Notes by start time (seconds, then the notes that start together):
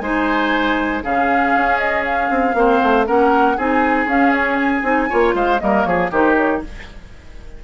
0.00 G#3 D#4 C5 G#5
1.03 C#3 C#4 G#4 F5
1.56 C#4
1.79 D#5
2.05 F5
2.30 C4
2.54 A#3 C4 C5
2.83 A3
3.06 A#3 C#4 A#4 F#5
3.57 C4 D#4 G#4 G#5
4.07 C#4 F5
4.33 C#5
4.56 G#5
4.83 C4 D#4
5.10 A#3 F4 C#5
5.35 G#3 C5 F5
5.60 G3 A#3 A#4 D#5
5.84 F3 G#4 C#5
6.12 D#3 D#4 G4 C5
6.37 C#5